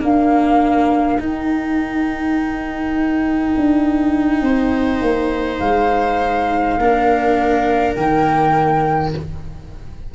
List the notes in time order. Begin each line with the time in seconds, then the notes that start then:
0.00 A#3 D4 A#4 F5
1.19 D#4 G5
3.56 D4
4.41 C4 C5
5.00 A#3
5.58 G#3 F5
6.77 A#3 D4 A#4
7.95 D#3 A#3 G5